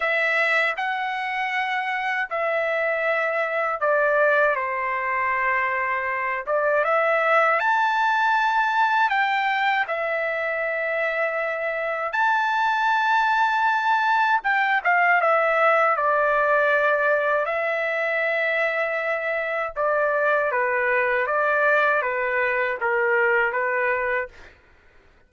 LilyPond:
\new Staff \with { instrumentName = "trumpet" } { \time 4/4 \tempo 4 = 79 e''4 fis''2 e''4~ | e''4 d''4 c''2~ | c''8 d''8 e''4 a''2 | g''4 e''2. |
a''2. g''8 f''8 | e''4 d''2 e''4~ | e''2 d''4 b'4 | d''4 b'4 ais'4 b'4 | }